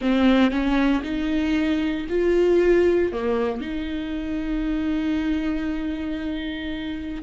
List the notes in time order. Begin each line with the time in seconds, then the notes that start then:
0.00 C4
0.50 C#4
1.03 D#4
2.09 F4
3.12 A#3
3.61 D#4